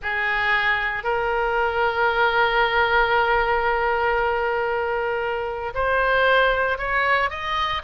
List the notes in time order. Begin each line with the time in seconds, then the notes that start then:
0.02 G#4
1.03 A#4
5.74 C5
6.78 C#5
7.29 D#5